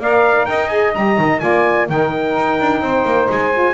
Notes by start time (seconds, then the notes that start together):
0.00 A#3 A#4 D5 F5
0.46 D#4 D#5 G5
0.68 G#4 G#5
0.94 G3 G4 A#5
1.17 D#3 D#4
1.40 A#3 F4 D5 G#5
1.89 D#3 D#4 A#4 G5
2.36 D#4
2.61 D4
2.81 C4 C5
3.05 A#3
3.30 G#3 G#5
3.53 F4